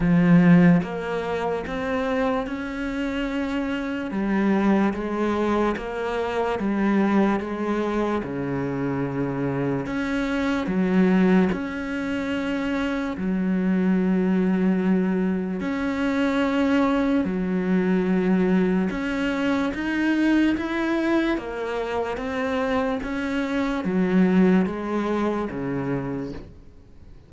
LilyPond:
\new Staff \with { instrumentName = "cello" } { \time 4/4 \tempo 4 = 73 f4 ais4 c'4 cis'4~ | cis'4 g4 gis4 ais4 | g4 gis4 cis2 | cis'4 fis4 cis'2 |
fis2. cis'4~ | cis'4 fis2 cis'4 | dis'4 e'4 ais4 c'4 | cis'4 fis4 gis4 cis4 | }